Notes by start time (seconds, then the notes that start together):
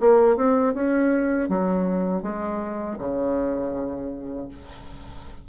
0.00 A#3
0.37 C4
0.74 C#4
1.49 F#3
2.23 G#3
2.99 C#3